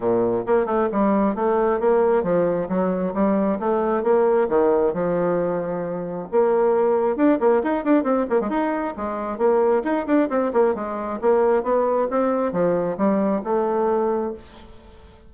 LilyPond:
\new Staff \with { instrumentName = "bassoon" } { \time 4/4 \tempo 4 = 134 ais,4 ais8 a8 g4 a4 | ais4 f4 fis4 g4 | a4 ais4 dis4 f4~ | f2 ais2 |
d'8 ais8 dis'8 d'8 c'8 ais16 gis16 dis'4 | gis4 ais4 dis'8 d'8 c'8 ais8 | gis4 ais4 b4 c'4 | f4 g4 a2 | }